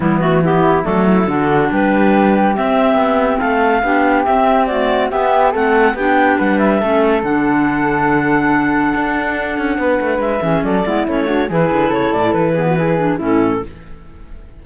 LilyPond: <<
  \new Staff \with { instrumentName = "clarinet" } { \time 4/4 \tempo 4 = 141 e'8 fis'8 g'4 a'2 | b'2 e''2 | f''2 e''4 d''4 | e''4 fis''4 g''4 fis''8 e''8~ |
e''4 fis''2.~ | fis''1 | e''4 d''4 cis''4 b'4 | cis''8 d''8 b'2 a'4 | }
  \new Staff \with { instrumentName = "flute" } { \time 4/4 b4 e'4 d'8 e'8 fis'4 | g'1 | a'4 g'2 fis'4 | g'4 a'4 g'4 b'4 |
a'1~ | a'2. b'4~ | b'8 gis'8 a'8 e'4 fis'8 gis'4 | a'4. gis'16 fis'16 gis'4 e'4 | }
  \new Staff \with { instrumentName = "clarinet" } { \time 4/4 g8 a8 b4 a4 d'4~ | d'2 c'2~ | c'4 d'4 c'4 a4 | b4 c'4 d'2 |
cis'4 d'2.~ | d'1~ | d'8 cis'4 b8 cis'8 d'8 e'4~ | e'4. b8 e'8 d'8 cis'4 | }
  \new Staff \with { instrumentName = "cello" } { \time 4/4 e2 fis4 d4 | g2 c'4 b4 | a4 b4 c'2 | b4 a4 b4 g4 |
a4 d2.~ | d4 d'4. cis'8 b8 a8 | gis8 e8 fis8 gis8 a4 e8 d8 | cis8 a,8 e2 a,4 | }
>>